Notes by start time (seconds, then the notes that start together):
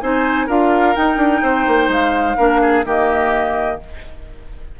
0.00 C4 D#4 C5 G#5
0.47 D4 F4 A#4 F5
0.96 D#4 G5
1.16 D4
1.42 C4 C5
1.67 A#3
1.88 G#3 F5
2.37 A#3 D4 A#4
2.61 G#4
2.84 D#3 A#3 G4 D#5